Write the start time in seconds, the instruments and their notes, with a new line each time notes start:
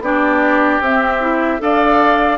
0.00 bassoon B3, clarinet D4, oboe G4, flute D5
0.79 bassoon C4, clarinet C4, flute E5
1.21 clarinet E4
1.58 bassoon D4, clarinet A4, oboe D5, flute F5